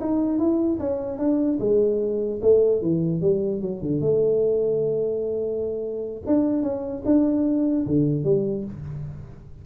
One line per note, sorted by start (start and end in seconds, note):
0.00 0.38 D#4
0.38 0.79 E4
0.79 1.18 C#4
1.18 1.58 D4
1.59 2.40 G#3
2.42 2.82 A3
2.82 3.21 E3
3.21 3.61 G3
3.61 3.81 F#3
3.81 4.00 D3
4.00 6.22 A3
6.26 6.62 D4
6.62 7.02 C#4
7.05 7.86 D4
7.86 8.24 D3
8.24 8.64 G3